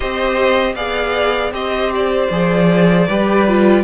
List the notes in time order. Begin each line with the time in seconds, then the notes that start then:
0.00 C4 G4 C5 D#5
0.75 B3 G#4 D5 F5
1.51 C4 G4 C5 D#5
1.95 D5
2.30 F3 G#4
3.08 G3 G4 B4
3.47 F4